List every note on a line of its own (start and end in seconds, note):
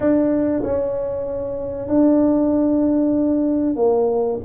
0.00 0.62 D4
0.63 1.88 C#4
1.88 3.76 D4
3.76 4.39 A#3